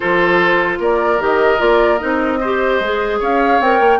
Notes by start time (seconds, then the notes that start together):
0.00 F3 F4 A4 C5
0.79 A#3 A#4 D5
1.19 D#3 G4 D#5
1.58 A#3 F4 D5
1.98 C4 D#4 D#5
2.40 G4 C5
2.80 G#3 G#4
3.19 C#4 C#5 F5
3.60 C4 A#4 G5
3.80 A#3